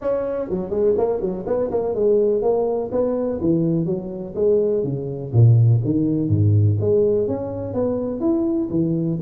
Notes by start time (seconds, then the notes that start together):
0.01 C#4
0.49 F#3
0.70 G#3
0.97 A#3
1.20 F#3
1.46 B3
1.70 A#3
1.94 G#3
2.41 A#3
2.91 B3
3.40 E3
3.85 F#3
4.35 G#3
4.83 C#3
5.32 A#2
5.84 D#3
6.29 G#2
6.80 G#3
7.27 C#4
7.73 B3
8.20 E4
8.70 E3